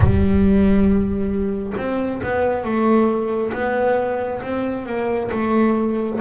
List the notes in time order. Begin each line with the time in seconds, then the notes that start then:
0.00 G3
1.76 C4
2.22 B3
2.64 A3
3.53 B3
4.42 C4
4.85 A#3
5.31 A3